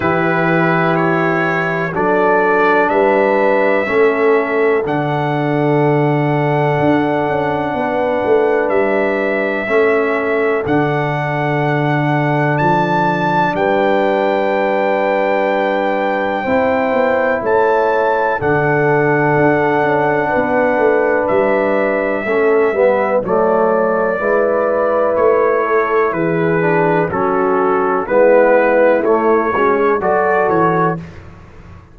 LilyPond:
<<
  \new Staff \with { instrumentName = "trumpet" } { \time 4/4 \tempo 4 = 62 b'4 cis''4 d''4 e''4~ | e''4 fis''2.~ | fis''4 e''2 fis''4~ | fis''4 a''4 g''2~ |
g''2 a''4 fis''4~ | fis''2 e''2 | d''2 cis''4 b'4 | a'4 b'4 cis''4 d''8 cis''8 | }
  \new Staff \with { instrumentName = "horn" } { \time 4/4 g'2 a'4 b'4 | a'1 | b'2 a'2~ | a'2 b'2~ |
b'4 c''4 cis''4 a'4~ | a'4 b'2 a'8 b'8 | cis''4 b'4. a'8 gis'4 | fis'4 e'4. fis'16 gis'16 a'4 | }
  \new Staff \with { instrumentName = "trombone" } { \time 4/4 e'2 d'2 | cis'4 d'2.~ | d'2 cis'4 d'4~ | d'1~ |
d'4 e'2 d'4~ | d'2. cis'8 b8 | a4 e'2~ e'8 d'8 | cis'4 b4 a8 cis'8 fis'4 | }
  \new Staff \with { instrumentName = "tuba" } { \time 4/4 e2 fis4 g4 | a4 d2 d'8 cis'8 | b8 a8 g4 a4 d4~ | d4 f4 g2~ |
g4 c'8 b8 a4 d4 | d'8 cis'8 b8 a8 g4 a8 g8 | fis4 gis4 a4 e4 | fis4 gis4 a8 gis8 fis8 e8 | }
>>